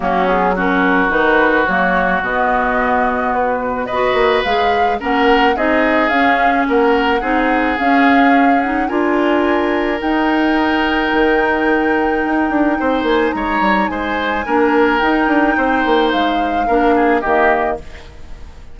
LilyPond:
<<
  \new Staff \with { instrumentName = "flute" } { \time 4/4 \tempo 4 = 108 fis'8 gis'8 ais'4 b'4 cis''4 | dis''2 b'4 dis''4 | f''4 fis''4 dis''4 f''4 | fis''2 f''4. fis''8 |
gis''2 g''2~ | g''2.~ g''8 gis''8 | ais''4 gis''2 g''4~ | g''4 f''2 dis''4 | }
  \new Staff \with { instrumentName = "oboe" } { \time 4/4 cis'4 fis'2.~ | fis'2. b'4~ | b'4 ais'4 gis'2 | ais'4 gis'2. |
ais'1~ | ais'2. c''4 | cis''4 c''4 ais'2 | c''2 ais'8 gis'8 g'4 | }
  \new Staff \with { instrumentName = "clarinet" } { \time 4/4 ais8 b8 cis'4 dis'4 ais4 | b2. fis'4 | gis'4 cis'4 dis'4 cis'4~ | cis'4 dis'4 cis'4. dis'8 |
f'2 dis'2~ | dis'1~ | dis'2 d'4 dis'4~ | dis'2 d'4 ais4 | }
  \new Staff \with { instrumentName = "bassoon" } { \time 4/4 fis2 dis4 fis4 | b,2. b8 ais8 | gis4 ais4 c'4 cis'4 | ais4 c'4 cis'2 |
d'2 dis'2 | dis2 dis'8 d'8 c'8 ais8 | gis8 g8 gis4 ais4 dis'8 d'8 | c'8 ais8 gis4 ais4 dis4 | }
>>